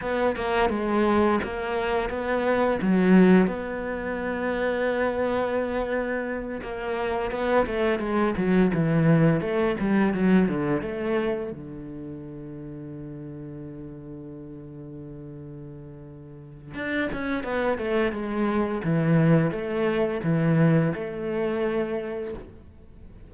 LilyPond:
\new Staff \with { instrumentName = "cello" } { \time 4/4 \tempo 4 = 86 b8 ais8 gis4 ais4 b4 | fis4 b2.~ | b4. ais4 b8 a8 gis8 | fis8 e4 a8 g8 fis8 d8 a8~ |
a8 d2.~ d8~ | d1 | d'8 cis'8 b8 a8 gis4 e4 | a4 e4 a2 | }